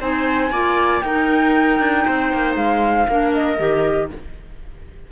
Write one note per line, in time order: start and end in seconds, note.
0.00 0.50 C4
0.00 0.51 D#4
0.00 0.51 C5
0.00 1.01 G#5
0.50 1.01 A#3
0.50 1.03 F4
0.50 1.03 D5
1.01 1.79 D#4
1.01 3.08 D#4
1.01 2.06 A#4
1.01 2.55 G5
1.80 2.05 D4
2.06 2.33 C4
2.06 3.08 C5
2.33 2.56 A#3
2.56 3.07 G#3
2.56 3.33 F5
3.09 3.59 A#3
3.09 3.58 D4
3.09 4.11 A#4
3.33 4.10 D#5
3.58 4.11 D#3
3.58 4.09 G4